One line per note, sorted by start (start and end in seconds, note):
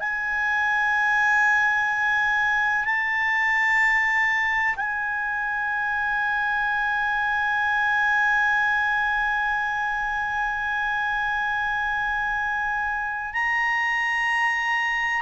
0.00 2.85 G#5
2.85 4.76 A5
4.76 13.33 G#5
13.33 15.22 A#5